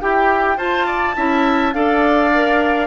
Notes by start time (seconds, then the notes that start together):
0.00 E4 G4 G5
0.57 F4 C5 A5
0.87 D5
1.16 C#4 E4 E5
1.74 D4 A4 D5 F5
2.35 A#4